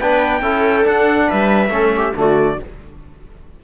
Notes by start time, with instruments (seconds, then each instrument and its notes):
0.00 cello B3, trombone D4, viola B4, trumpet G5
0.42 cello C#4, trombone E4, viola A4
0.83 trombone D4, cello D4, trumpet F#5
1.28 cello G3, viola B4, trumpet E5
1.69 cello A3, trombone C#4, viola A4
1.96 viola G4
2.14 cello D3, trombone A3, viola F#4
2.20 trumpet D5